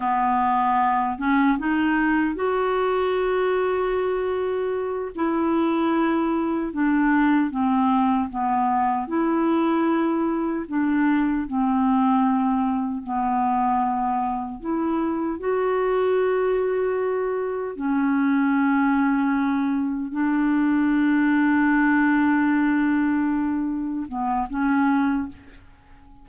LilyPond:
\new Staff \with { instrumentName = "clarinet" } { \time 4/4 \tempo 4 = 76 b4. cis'8 dis'4 fis'4~ | fis'2~ fis'8 e'4.~ | e'8 d'4 c'4 b4 e'8~ | e'4. d'4 c'4.~ |
c'8 b2 e'4 fis'8~ | fis'2~ fis'8 cis'4.~ | cis'4. d'2~ d'8~ | d'2~ d'8 b8 cis'4 | }